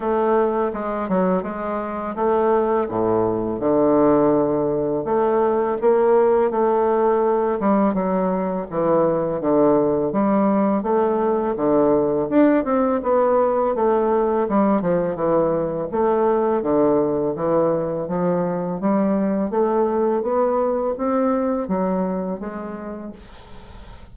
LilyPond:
\new Staff \with { instrumentName = "bassoon" } { \time 4/4 \tempo 4 = 83 a4 gis8 fis8 gis4 a4 | a,4 d2 a4 | ais4 a4. g8 fis4 | e4 d4 g4 a4 |
d4 d'8 c'8 b4 a4 | g8 f8 e4 a4 d4 | e4 f4 g4 a4 | b4 c'4 fis4 gis4 | }